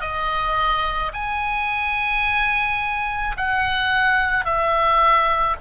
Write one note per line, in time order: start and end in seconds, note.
0.00 1.11 D#5
1.13 3.35 G#5
3.36 4.44 F#5
4.44 5.56 E5